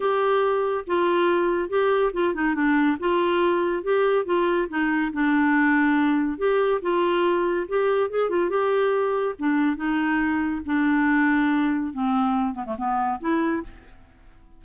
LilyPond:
\new Staff \with { instrumentName = "clarinet" } { \time 4/4 \tempo 4 = 141 g'2 f'2 | g'4 f'8 dis'8 d'4 f'4~ | f'4 g'4 f'4 dis'4 | d'2. g'4 |
f'2 g'4 gis'8 f'8 | g'2 d'4 dis'4~ | dis'4 d'2. | c'4. b16 a16 b4 e'4 | }